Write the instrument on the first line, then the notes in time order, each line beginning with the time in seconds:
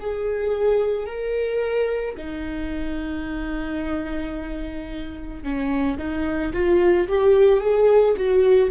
viola
0.00 G#4
1.06 A#4
2.17 D#4
5.43 C#4
5.98 D#4
6.53 F4
7.08 G4
7.60 G#4
8.17 F#4